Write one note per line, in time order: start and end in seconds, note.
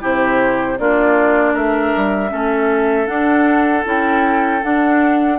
0.00 0.79 C3
0.00 0.77 E4
0.00 0.78 G4
0.00 0.78 C5
0.78 1.54 A#3
0.78 2.29 D4
0.78 1.53 F4
0.78 1.55 D5
1.53 1.93 A3
1.53 2.30 A#4
1.53 3.06 E5
1.96 2.32 G3
2.29 3.07 A3
2.29 3.06 C#4
2.29 5.38 A4
3.06 3.83 D4
3.06 3.84 D4
3.06 3.83 F#5
3.84 4.62 C#4
3.84 4.61 E4
3.84 4.63 G5
4.62 5.38 D4
4.62 5.38 F#5